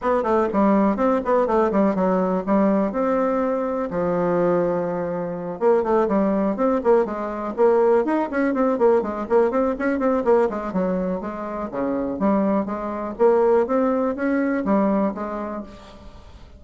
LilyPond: \new Staff \with { instrumentName = "bassoon" } { \time 4/4 \tempo 4 = 123 b8 a8 g4 c'8 b8 a8 g8 | fis4 g4 c'2 | f2.~ f8 ais8 | a8 g4 c'8 ais8 gis4 ais8~ |
ais8 dis'8 cis'8 c'8 ais8 gis8 ais8 c'8 | cis'8 c'8 ais8 gis8 fis4 gis4 | cis4 g4 gis4 ais4 | c'4 cis'4 g4 gis4 | }